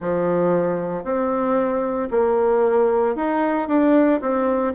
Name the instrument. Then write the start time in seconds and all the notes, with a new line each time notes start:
bassoon
0.00 F3
1.04 C4
2.11 A#3
3.15 D#4
3.67 D4
4.21 C4